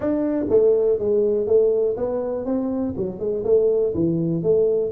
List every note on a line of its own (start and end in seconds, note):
0.00 0.45 D4
0.49 0.98 A3
0.98 1.46 G#3
1.46 1.96 A3
1.96 2.45 B3
2.45 2.94 C4
2.96 3.19 F#3
3.19 3.43 G#3
3.44 3.93 A3
3.94 4.42 E3
4.42 4.91 A3